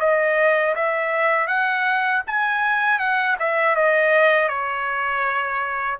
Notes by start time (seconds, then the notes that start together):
0.00 D#5
0.75 E5
1.47 F#5
2.27 G#5
2.99 F#5
3.39 E5
3.76 D#5
4.49 C#5